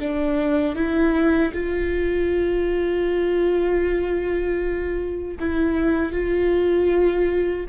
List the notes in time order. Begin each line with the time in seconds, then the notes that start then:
0.00 D4
0.76 E4
1.53 F4
5.40 E4
6.13 F4